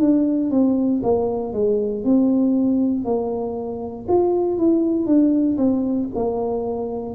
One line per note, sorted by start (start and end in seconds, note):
0.00 0.50 D4
0.50 1.01 C4
1.03 1.53 A#3
1.53 2.04 G#3
2.04 3.05 C4
3.05 4.06 A#3
4.08 4.58 F4
4.58 5.06 E4
5.06 5.57 D4
5.57 6.08 C4
6.15 7.15 A#3